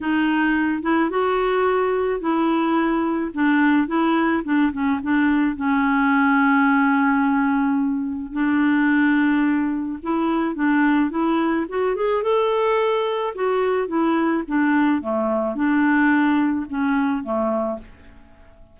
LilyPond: \new Staff \with { instrumentName = "clarinet" } { \time 4/4 \tempo 4 = 108 dis'4. e'8 fis'2 | e'2 d'4 e'4 | d'8 cis'8 d'4 cis'2~ | cis'2. d'4~ |
d'2 e'4 d'4 | e'4 fis'8 gis'8 a'2 | fis'4 e'4 d'4 a4 | d'2 cis'4 a4 | }